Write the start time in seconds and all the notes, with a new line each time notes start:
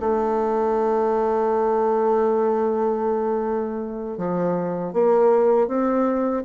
0.00 A3
4.18 F3
4.93 A#3
5.68 C4